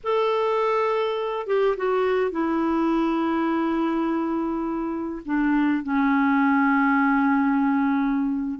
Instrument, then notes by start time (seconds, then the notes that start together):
clarinet
0.03 A4
1.46 G4
1.76 F#4
2.31 E4
5.25 D4
5.83 C#4